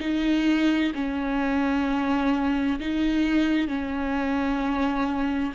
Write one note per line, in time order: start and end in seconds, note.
0.00 0.92 D#4
0.95 2.80 C#4
2.80 3.68 D#4
3.68 5.53 C#4